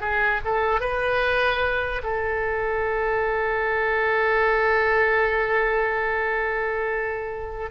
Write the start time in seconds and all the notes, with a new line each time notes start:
0.00 G#4
0.45 A4
0.80 B4
2.03 A4